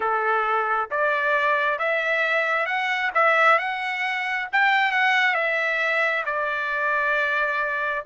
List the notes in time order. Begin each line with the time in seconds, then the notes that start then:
0.00 A4
0.90 D5
1.79 E5
2.66 F#5
3.14 E5
3.58 F#5
4.52 G5
4.91 F#5
5.34 E5
6.25 D5